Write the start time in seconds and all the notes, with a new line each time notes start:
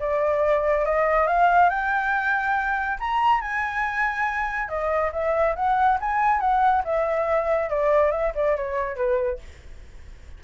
0.00 D5
0.86 D#5
1.27 F5
1.70 G5
3.00 A#5
3.41 G#5
4.69 D#5
5.13 E5
5.56 F#5
6.01 G#5
6.40 F#5
6.85 E5
7.70 D5
8.12 E5
8.35 D5
8.57 C#5
8.96 B4